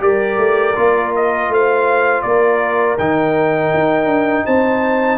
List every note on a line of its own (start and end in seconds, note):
0.00 0.38 G3
0.00 0.74 G4
0.00 1.51 A#4
0.00 1.13 D5
0.38 0.75 A3
0.76 1.49 A#3
0.76 2.98 F4
1.16 1.53 D#5
1.49 2.23 A3
1.49 2.24 C5
1.49 2.22 F5
2.22 2.98 A#3
2.22 4.46 A#4
2.22 2.96 D5
2.98 3.73 D#3
2.98 5.19 D#4
2.98 4.46 G5
3.74 4.06 D#4
4.06 4.43 D4
4.46 5.19 C4
4.46 5.19 C5
4.46 5.19 A5